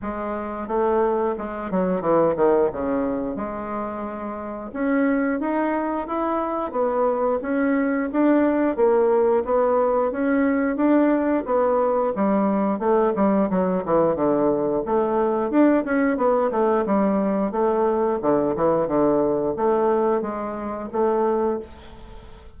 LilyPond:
\new Staff \with { instrumentName = "bassoon" } { \time 4/4 \tempo 4 = 89 gis4 a4 gis8 fis8 e8 dis8 | cis4 gis2 cis'4 | dis'4 e'4 b4 cis'4 | d'4 ais4 b4 cis'4 |
d'4 b4 g4 a8 g8 | fis8 e8 d4 a4 d'8 cis'8 | b8 a8 g4 a4 d8 e8 | d4 a4 gis4 a4 | }